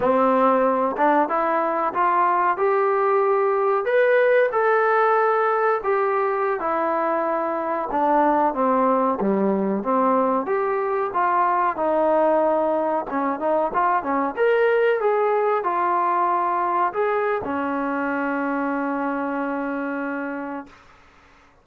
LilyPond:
\new Staff \with { instrumentName = "trombone" } { \time 4/4 \tempo 4 = 93 c'4. d'8 e'4 f'4 | g'2 b'4 a'4~ | a'4 g'4~ g'16 e'4.~ e'16~ | e'16 d'4 c'4 g4 c'8.~ |
c'16 g'4 f'4 dis'4.~ dis'16~ | dis'16 cis'8 dis'8 f'8 cis'8 ais'4 gis'8.~ | gis'16 f'2 gis'8. cis'4~ | cis'1 | }